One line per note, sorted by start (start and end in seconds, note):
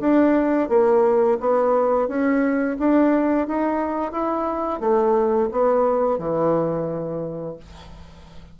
0.00 0.69 D4
0.69 1.38 A#3
1.40 2.08 B3
2.08 2.77 C#4
2.79 3.47 D4
3.47 4.11 D#4
4.11 4.80 E4
4.80 5.49 A3
5.51 6.18 B3
6.18 7.56 E3